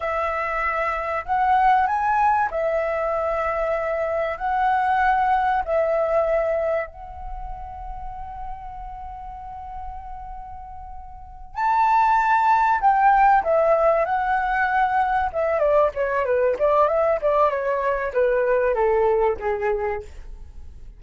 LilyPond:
\new Staff \with { instrumentName = "flute" } { \time 4/4 \tempo 4 = 96 e''2 fis''4 gis''4 | e''2. fis''4~ | fis''4 e''2 fis''4~ | fis''1~ |
fis''2~ fis''8 a''4.~ | a''8 g''4 e''4 fis''4.~ | fis''8 e''8 d''8 cis''8 b'8 d''8 e''8 d''8 | cis''4 b'4 a'4 gis'4 | }